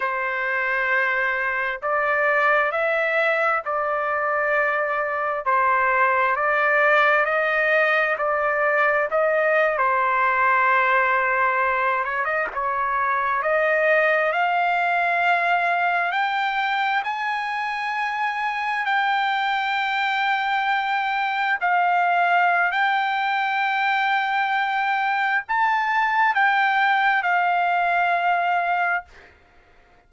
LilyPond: \new Staff \with { instrumentName = "trumpet" } { \time 4/4 \tempo 4 = 66 c''2 d''4 e''4 | d''2 c''4 d''4 | dis''4 d''4 dis''8. c''4~ c''16~ | c''4~ c''16 cis''16 dis''16 cis''4 dis''4 f''16~ |
f''4.~ f''16 g''4 gis''4~ gis''16~ | gis''8. g''2. f''16~ | f''4 g''2. | a''4 g''4 f''2 | }